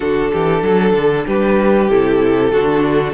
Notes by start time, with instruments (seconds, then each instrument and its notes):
0.00 cello D3, viola D4, violin F#4 A4
0.32 cello E3, violin G4
0.62 cello F#3, violin A4
0.93 cello D3
1.26 cello G3, violin G4 B4
1.89 cello C3, viola E4, violin A4
2.52 cello D3, viola D4, violin F#4